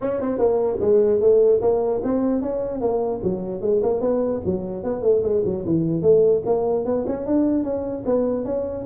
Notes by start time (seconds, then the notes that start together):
0.01 C#4
0.20 C4
0.38 A#3
0.80 G#3
1.20 A3
1.61 A#3
2.03 C4
2.41 C#4
2.80 A#3
3.23 F#3
3.61 G#3
3.83 A#3
4.00 B3
4.45 F#3
4.83 B3
5.02 A3
5.22 G#3
5.44 F#3
5.65 E3
6.02 A3
6.45 A#3
6.85 B3
7.07 C#4
7.26 D4
7.63 C#4
8.05 B3
8.45 C#4